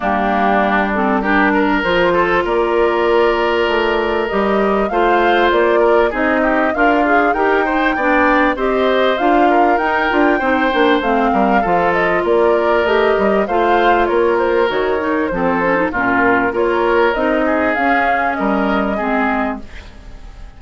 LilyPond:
<<
  \new Staff \with { instrumentName = "flute" } { \time 4/4 \tempo 4 = 98 g'4. a'8 ais'4 c''4 | d''2. dis''4 | f''4 d''4 dis''4 f''4 | g''2 dis''4 f''4 |
g''2 f''4. dis''8 | d''4 dis''4 f''4 cis''8 c''8 | cis''4 c''4 ais'4 cis''4 | dis''4 f''4 dis''2 | }
  \new Staff \with { instrumentName = "oboe" } { \time 4/4 d'2 g'8 ais'4 a'8 | ais'1 | c''4. ais'8 gis'8 g'8 f'4 | ais'8 c''8 d''4 c''4. ais'8~ |
ais'4 c''4. ais'8 a'4 | ais'2 c''4 ais'4~ | ais'4 a'4 f'4 ais'4~ | ais'8 gis'4. ais'4 gis'4 | }
  \new Staff \with { instrumentName = "clarinet" } { \time 4/4 ais4. c'8 d'4 f'4~ | f'2. g'4 | f'2 dis'4 ais'8 gis'8 | g'8 dis'8 d'4 g'4 f'4 |
dis'8 f'8 dis'8 d'8 c'4 f'4~ | f'4 g'4 f'2 | fis'8 dis'8 c'8 cis'16 dis'16 cis'4 f'4 | dis'4 cis'2 c'4 | }
  \new Staff \with { instrumentName = "bassoon" } { \time 4/4 g2. f4 | ais2 a4 g4 | a4 ais4 c'4 d'4 | dis'4 b4 c'4 d'4 |
dis'8 d'8 c'8 ais8 a8 g8 f4 | ais4 a8 g8 a4 ais4 | dis4 f4 ais,4 ais4 | c'4 cis'4 g4 gis4 | }
>>